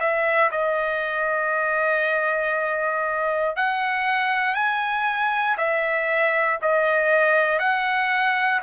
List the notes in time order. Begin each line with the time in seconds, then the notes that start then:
0.00 E5
0.51 D#5
3.56 F#5
4.54 G#5
5.57 E5
6.62 D#5
7.59 F#5